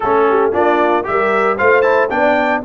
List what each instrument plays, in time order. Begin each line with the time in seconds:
0.00 tuba A3, trombone C#4, horn A4, trumpet A4
0.29 horn G4
0.52 tuba A#3, trombone D4, horn F4, trumpet D5
1.03 tuba G3, trombone G4, trumpet E5
1.10 horn A#4
1.57 tuba A3, trombone F4, horn C5, trumpet F5
1.81 trombone E4, trumpet A5
2.10 tuba B3, trombone D4, horn D5, trumpet G5